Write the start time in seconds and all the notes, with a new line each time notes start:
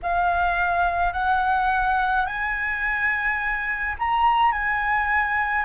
0.02 F5
1.13 F#5
2.25 G#5
3.98 A#5
4.52 G#5